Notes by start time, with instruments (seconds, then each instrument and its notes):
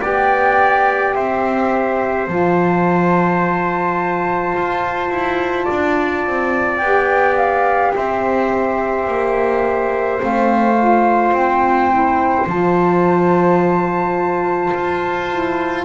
0.00 double bass B3, saxophone G4, trumpet D5, flute G5
1.14 double bass C4, trumpet C5, flute E5
2.27 double bass F3, saxophone F4, flute A5
4.56 double bass F4
5.09 double bass E4
5.65 double bass D4, trumpet D5
6.26 double bass C4
6.78 double bass B3, saxophone G4, flute G5
7.36 flute F5
7.95 double bass C4, trumpet C5, flute E5
9.07 double bass A#3
10.18 double bass A3, saxophone C4, flute F5
10.78 saxophone F4
11.32 double bass C4, flute G5
11.90 saxophone E4
12.46 double bass F3, saxophone F4, flute A5
14.73 double bass F4
15.30 saxophone E4